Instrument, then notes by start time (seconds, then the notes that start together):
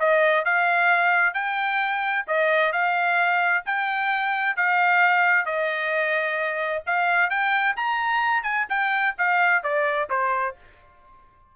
trumpet
0.00 D#5
0.45 F5
1.34 G5
2.27 D#5
2.73 F5
3.66 G5
4.57 F5
5.46 D#5
6.87 F5
7.30 G5
7.77 A#5
8.44 G#5
8.70 G5
9.18 F5
9.63 D5
10.10 C5